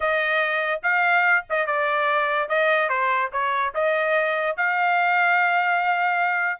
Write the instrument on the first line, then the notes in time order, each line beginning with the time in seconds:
trumpet
0.00 D#5
0.83 F5
1.49 D#5
1.66 D5
2.48 D#5
2.89 C5
3.32 C#5
3.74 D#5
4.56 F5